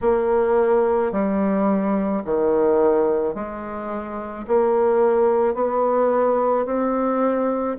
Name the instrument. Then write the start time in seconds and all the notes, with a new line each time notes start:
bassoon
0.01 A#3
1.12 G3
2.25 D#3
3.34 G#3
4.47 A#3
5.54 B3
6.65 C4